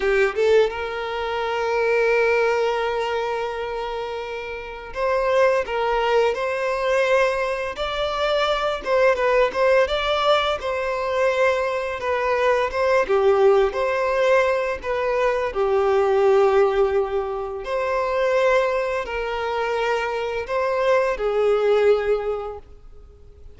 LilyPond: \new Staff \with { instrumentName = "violin" } { \time 4/4 \tempo 4 = 85 g'8 a'8 ais'2.~ | ais'2. c''4 | ais'4 c''2 d''4~ | d''8 c''8 b'8 c''8 d''4 c''4~ |
c''4 b'4 c''8 g'4 c''8~ | c''4 b'4 g'2~ | g'4 c''2 ais'4~ | ais'4 c''4 gis'2 | }